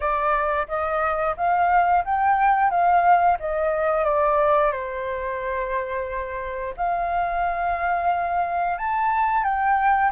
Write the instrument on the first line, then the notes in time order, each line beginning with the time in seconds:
flute
0.00 D5
0.68 D#5
1.37 F5
2.04 G5
2.70 F5
3.39 D#5
4.04 D5
4.72 C5
6.76 F5
8.78 A5
9.44 G5